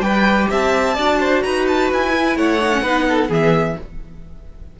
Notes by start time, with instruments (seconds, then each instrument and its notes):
0.00 cello G3, viola G4, violin B4 G5
0.50 cello C4, violin E5 A5
0.95 cello D4, viola F#4, violin D5
1.20 violin C5
1.42 cello D#4, violin B4 A#5
1.67 violin A5
1.92 cello E4, violin G#5
2.12 viola E4
2.36 cello A3, violin C#5 F#5
2.61 viola D#4
2.73 viola C#4
2.82 cello B3, viola D#4, violin B4
3.09 violin A4
3.29 cello E3, viola B3, violin G#4 E5